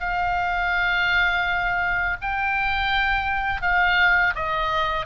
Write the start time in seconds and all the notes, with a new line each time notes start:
0.00 F5
2.21 G5
3.61 F5
4.35 D#5